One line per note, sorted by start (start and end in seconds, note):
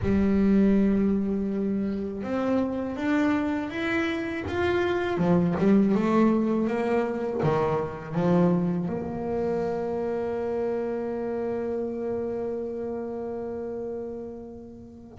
0.02 2.23 G3
2.23 2.96 C4
2.96 3.69 D4
3.69 4.43 E4
4.48 5.17 F4
5.17 5.54 F3
5.58 5.95 G3
5.95 6.67 A3
6.67 7.41 A#3
7.43 8.14 D#3
8.14 8.88 F3
8.88 15.18 A#3